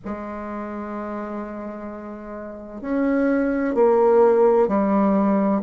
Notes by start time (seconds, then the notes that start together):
0.05 G#3
2.81 C#4
3.74 A#3
4.67 G3